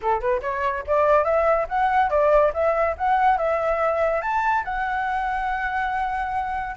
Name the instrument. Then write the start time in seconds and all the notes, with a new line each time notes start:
flute
0.02 A4
0.20 B4
0.42 C#5
0.86 D5
1.24 E5
1.68 F#5
2.10 D5
2.53 E5
2.97 F#5
3.37 E5
4.21 A5
4.64 F#5